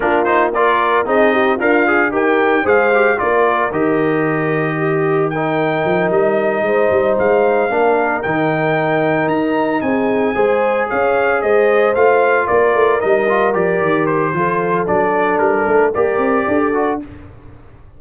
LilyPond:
<<
  \new Staff \with { instrumentName = "trumpet" } { \time 4/4 \tempo 4 = 113 ais'8 c''8 d''4 dis''4 f''4 | g''4 f''4 d''4 dis''4~ | dis''2 g''4. dis''8~ | dis''4. f''2 g''8~ |
g''4. ais''4 gis''4.~ | gis''8 f''4 dis''4 f''4 d''8~ | d''8 dis''4 d''4 c''4. | d''4 ais'4 d''2 | }
  \new Staff \with { instrumentName = "horn" } { \time 4/4 f'4 ais'4 gis'8 g'8 f'4 | ais'4 c''4 ais'2~ | ais'4 g'4 ais'2~ | ais'8 c''2 ais'4.~ |
ais'2~ ais'8 gis'4 c''8~ | c''8 cis''4 c''2 ais'8~ | ais'2. a'4~ | a'2 ais'4 a'4 | }
  \new Staff \with { instrumentName = "trombone" } { \time 4/4 d'8 dis'8 f'4 dis'4 ais'8 gis'8 | g'4 gis'8 g'8 f'4 g'4~ | g'2 dis'2~ | dis'2~ dis'8 d'4 dis'8~ |
dis'2.~ dis'8 gis'8~ | gis'2~ gis'8 f'4.~ | f'8 dis'8 f'8 g'4. f'4 | d'2 g'4. fis'8 | }
  \new Staff \with { instrumentName = "tuba" } { \time 4/4 ais2 c'4 d'4 | dis'4 gis4 ais4 dis4~ | dis2. f8 g8~ | g8 gis8 g8 gis4 ais4 dis8~ |
dis4. dis'4 c'4 gis8~ | gis8 cis'4 gis4 a4 ais8 | a8 g4 f8 dis4 f4 | fis4 g8 a8 ais8 c'8 d'4 | }
>>